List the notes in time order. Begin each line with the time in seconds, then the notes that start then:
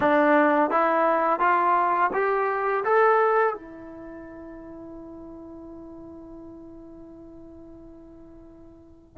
0.00 D4
0.70 E4
1.39 F4
2.13 G4
2.84 A4
3.54 E4